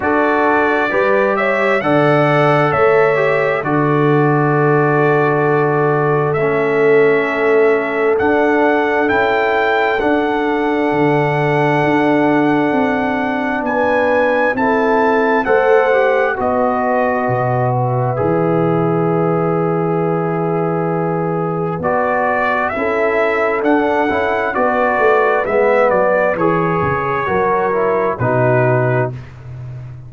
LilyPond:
<<
  \new Staff \with { instrumentName = "trumpet" } { \time 4/4 \tempo 4 = 66 d''4. e''8 fis''4 e''4 | d''2. e''4~ | e''4 fis''4 g''4 fis''4~ | fis''2. gis''4 |
a''4 fis''4 dis''4. e''8~ | e''1 | d''4 e''4 fis''4 d''4 | e''8 d''8 cis''2 b'4 | }
  \new Staff \with { instrumentName = "horn" } { \time 4/4 a'4 b'8 cis''8 d''4 cis''4 | a'1~ | a'1~ | a'2. b'4 |
a'4 c''4 b'2~ | b'1~ | b'4 a'2 b'4~ | b'2 ais'4 fis'4 | }
  \new Staff \with { instrumentName = "trombone" } { \time 4/4 fis'4 g'4 a'4. g'8 | fis'2. cis'4~ | cis'4 d'4 e'4 d'4~ | d'1 |
e'4 a'8 g'8 fis'2 | gis'1 | fis'4 e'4 d'8 e'8 fis'4 | b4 gis'4 fis'8 e'8 dis'4 | }
  \new Staff \with { instrumentName = "tuba" } { \time 4/4 d'4 g4 d4 a4 | d2. a4~ | a4 d'4 cis'4 d'4 | d4 d'4 c'4 b4 |
c'4 a4 b4 b,4 | e1 | b4 cis'4 d'8 cis'8 b8 a8 | gis8 fis8 e8 cis8 fis4 b,4 | }
>>